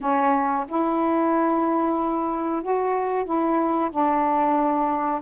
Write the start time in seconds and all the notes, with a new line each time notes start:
0.01 C#4
0.68 E4
2.62 F#4
3.25 E4
3.90 D4